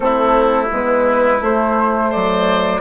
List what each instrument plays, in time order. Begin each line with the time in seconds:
0.00 bassoon A3, horn C4, oboe E4, flute A4
0.71 bassoon G#3, horn B3, flute B4
1.40 bassoon A3, horn A3, flute C5
2.10 bassoon F#3, oboe C5, flute D5